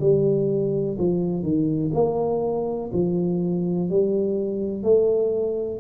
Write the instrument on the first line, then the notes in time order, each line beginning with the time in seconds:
tuba
0.00 G3
0.99 F3
1.43 D#3
1.94 A#3
2.93 F3
3.89 G3
4.83 A3